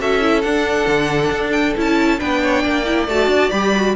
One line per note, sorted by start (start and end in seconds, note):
0.00 0.44 C#4
0.00 0.22 F#4
0.00 2.19 A4
0.00 0.42 E5
0.22 0.44 E4
0.42 0.87 D4
0.42 1.76 D4
0.42 1.51 F#5
0.87 1.31 D3
1.32 1.75 D4
1.52 1.74 G5
1.77 2.21 C#4
1.77 2.19 E4
1.77 2.20 A5
2.19 2.64 B3
2.19 2.84 D4
2.19 2.41 B4
2.19 3.08 G5
2.42 2.63 C#5
2.63 3.08 A#3
2.63 3.95 D5
2.85 3.07 E4
3.08 3.27 A3
3.08 3.53 F#4
3.08 3.51 A5
3.27 3.49 D4
3.51 3.96 G3
3.51 3.75 G4
3.51 3.95 B5
3.77 3.96 F#4